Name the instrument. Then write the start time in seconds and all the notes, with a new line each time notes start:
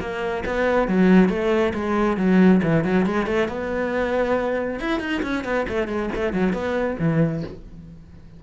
cello
0.00 A#3
0.45 B3
0.88 F#3
1.29 A3
1.74 G#3
2.17 F#3
2.63 E3
2.84 F#3
3.06 G#3
3.26 A3
3.48 B3
4.80 E4
5.00 D#4
5.23 C#4
5.44 B3
5.68 A3
5.88 G#3
6.15 A3
6.33 F#3
6.53 B3
6.99 E3